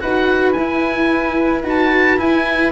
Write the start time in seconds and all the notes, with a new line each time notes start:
0.00 D#4 F#4 B4 F#5
0.52 E4 G#5
1.63 D#4 F#4
1.69 A5
2.17 E4 G#5